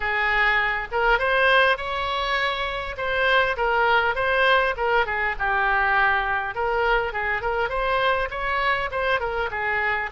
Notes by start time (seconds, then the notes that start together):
0.00 G#4
0.91 A#4
1.19 C5
1.77 C#5
2.97 C5
3.56 A#4
4.15 C5
4.77 A#4
5.05 G#4
5.38 G4
6.55 A#4
7.12 G#4
7.41 A#4
7.69 C5
8.30 C#5
8.91 C5
9.19 A#4
9.50 G#4